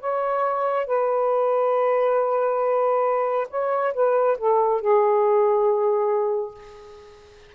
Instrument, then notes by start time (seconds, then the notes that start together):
saxophone
0.00 C#5
0.87 B4
3.49 C#5
3.94 B4
4.38 A4
4.81 G#4